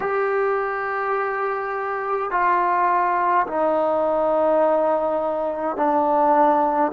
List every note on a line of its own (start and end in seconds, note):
0.00 2.31 G4
2.31 3.46 F4
3.46 5.76 D#4
5.76 6.91 D4